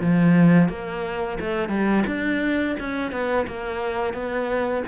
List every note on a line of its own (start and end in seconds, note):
0.00 0.68 F3
0.68 1.38 A#3
1.40 1.69 A3
1.69 2.04 G3
2.06 2.76 D4
2.79 3.11 C#4
3.11 3.46 B3
3.47 4.13 A#3
4.13 4.83 B3